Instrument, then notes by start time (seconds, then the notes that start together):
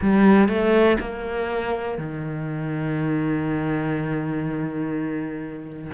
cello
0.01 G3
0.48 A3
1.00 A#3
1.98 D#3